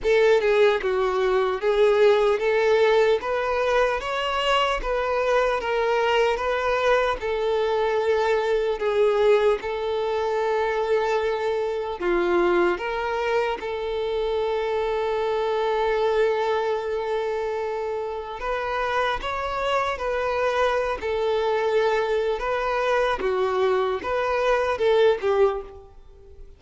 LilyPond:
\new Staff \with { instrumentName = "violin" } { \time 4/4 \tempo 4 = 75 a'8 gis'8 fis'4 gis'4 a'4 | b'4 cis''4 b'4 ais'4 | b'4 a'2 gis'4 | a'2. f'4 |
ais'4 a'2.~ | a'2. b'4 | cis''4 b'4~ b'16 a'4.~ a'16 | b'4 fis'4 b'4 a'8 g'8 | }